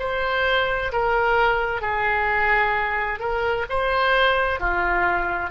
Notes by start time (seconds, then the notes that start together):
0.00 C5
0.93 A#4
1.82 G#4
3.20 A#4
3.70 C5
4.60 F4